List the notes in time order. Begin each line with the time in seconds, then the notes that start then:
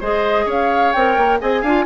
0.00 G#3 G#4 C5 D#5
0.45 C#4 C#5 F5
0.92 C4 A#4 G5
1.17 A#3
1.40 C4 G#4 D#5 G#5
1.61 D4 F4 F5